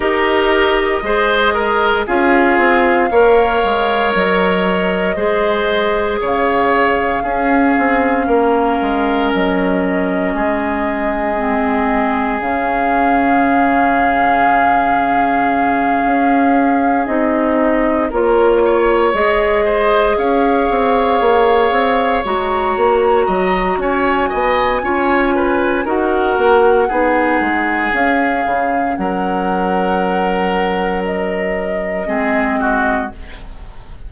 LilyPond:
<<
  \new Staff \with { instrumentName = "flute" } { \time 4/4 \tempo 4 = 58 dis''2 f''2 | dis''2 f''2~ | f''4 dis''2. | f''1~ |
f''8 dis''4 cis''4 dis''4 f''8~ | f''4. ais''4. gis''4~ | gis''4 fis''2 f''4 | fis''2 dis''2 | }
  \new Staff \with { instrumentName = "oboe" } { \time 4/4 ais'4 c''8 ais'8 gis'4 cis''4~ | cis''4 c''4 cis''4 gis'4 | ais'2 gis'2~ | gis'1~ |
gis'4. ais'8 cis''4 c''8 cis''8~ | cis''2~ cis''8 dis''8 cis''8 dis''8 | cis''8 b'8 ais'4 gis'2 | ais'2. gis'8 fis'8 | }
  \new Staff \with { instrumentName = "clarinet" } { \time 4/4 g'4 gis'4 f'4 ais'4~ | ais'4 gis'2 cis'4~ | cis'2. c'4 | cis'1~ |
cis'8 dis'4 f'4 gis'4.~ | gis'4. fis'2~ fis'8 | f'4 fis'4 dis'4 cis'4~ | cis'2. c'4 | }
  \new Staff \with { instrumentName = "bassoon" } { \time 4/4 dis'4 gis4 cis'8 c'8 ais8 gis8 | fis4 gis4 cis4 cis'8 c'8 | ais8 gis8 fis4 gis2 | cis2.~ cis8 cis'8~ |
cis'8 c'4 ais4 gis4 cis'8 | c'8 ais8 c'8 gis8 ais8 fis8 cis'8 b8 | cis'4 dis'8 ais8 b8 gis8 cis'8 cis8 | fis2. gis4 | }
>>